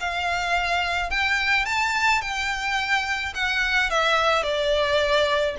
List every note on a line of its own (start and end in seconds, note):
0.00 1.10 F5
1.10 1.65 G5
1.65 2.21 A5
2.21 3.33 G5
3.34 3.90 F#5
3.90 4.43 E5
4.43 5.55 D5